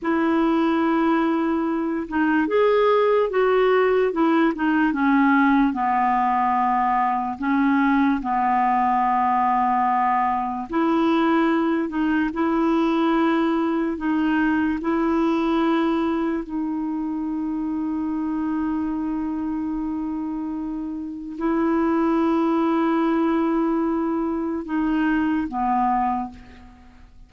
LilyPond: \new Staff \with { instrumentName = "clarinet" } { \time 4/4 \tempo 4 = 73 e'2~ e'8 dis'8 gis'4 | fis'4 e'8 dis'8 cis'4 b4~ | b4 cis'4 b2~ | b4 e'4. dis'8 e'4~ |
e'4 dis'4 e'2 | dis'1~ | dis'2 e'2~ | e'2 dis'4 b4 | }